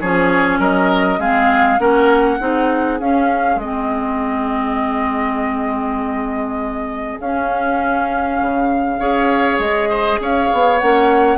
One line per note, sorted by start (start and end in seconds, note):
0.00 0.59 F3
0.00 1.21 C#4
0.00 0.59 G#4
0.00 0.60 C#5
0.59 1.18 F#3
0.59 1.19 A#4
0.59 1.20 D#5
1.18 1.78 G#3
1.18 1.79 C4
1.18 1.80 G#4
1.18 1.79 F5
1.79 2.39 A#3
1.79 2.39 C#4
1.79 2.40 A#4
1.79 3.00 F#5
2.39 3.00 C4
2.39 2.99 D#4
2.39 8.99 G#4
3.00 3.56 C#4
3.00 3.61 C#4
3.00 3.60 F5
3.56 7.16 G#3
3.56 7.20 D#5
3.63 7.22 C4
7.20 8.40 C#4
7.20 8.99 C#4
7.20 9.60 F5
8.41 9.00 C#3
8.99 9.59 C#4
8.99 10.79 G#4
8.99 9.89 C#5
9.59 10.19 G#3
9.59 10.20 D#5
9.89 10.19 C5
10.20 10.50 C#4
10.20 11.37 C#5
10.20 10.78 F5
10.53 10.82 B3
10.78 11.37 A#3
10.78 11.37 C#4
10.78 11.37 F#5